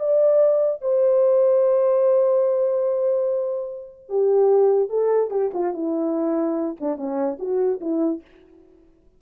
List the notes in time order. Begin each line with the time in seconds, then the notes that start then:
0.00 D5
0.82 C5
4.09 G4
4.90 A4
5.31 G4
5.54 F4
5.74 E4
6.81 D4
6.97 C#4
7.40 F#4
7.81 E4